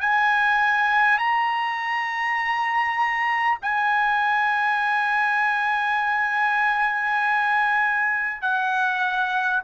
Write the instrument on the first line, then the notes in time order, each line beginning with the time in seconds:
trumpet
0.00 G#5
1.18 A#5
3.62 G#5
8.42 F#5